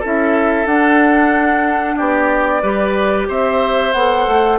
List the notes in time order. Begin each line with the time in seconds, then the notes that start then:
0.00 C#4 E4 A4
0.06 E5
0.66 D4 F#5
1.97 B3 G4 D5
2.62 G3 G4 B4
3.29 C4 C5 E5
3.93 B3 A4 F#5
4.28 A3